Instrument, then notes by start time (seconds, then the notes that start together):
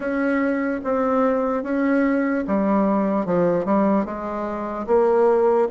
bassoon
0.00 C#4
0.84 C4
1.63 C#4
2.47 G3
3.25 F3
3.65 G3
4.05 G#3
4.86 A#3